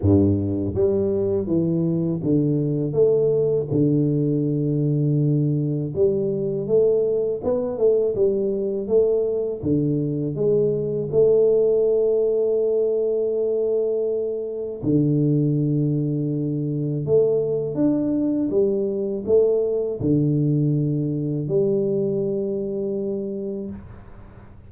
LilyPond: \new Staff \with { instrumentName = "tuba" } { \time 4/4 \tempo 4 = 81 g,4 g4 e4 d4 | a4 d2. | g4 a4 b8 a8 g4 | a4 d4 gis4 a4~ |
a1 | d2. a4 | d'4 g4 a4 d4~ | d4 g2. | }